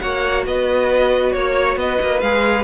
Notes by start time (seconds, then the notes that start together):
0.00 A#3 F#4 C#5 F#5
0.47 B3 B4 D#5
1.33 A#3 C#5
1.76 B3 B4 D#5
2.02 A#3
2.21 G#3 G#4 F5